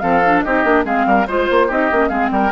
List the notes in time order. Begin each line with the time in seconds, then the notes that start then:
0.00 F3 C4 A4 F5
0.26 D4
0.42 C4 D#4 G4 D#5
0.65 A#3 D4
0.85 G#3 C4 G#4 F5
1.07 G3 A#4
1.28 G#3 F4 C5
1.51 A#3
1.68 C4 D#4 G4 D#5
1.92 A#3 C#4
2.09 G#3 C4 G#4 F5
2.31 G3 A#4 G5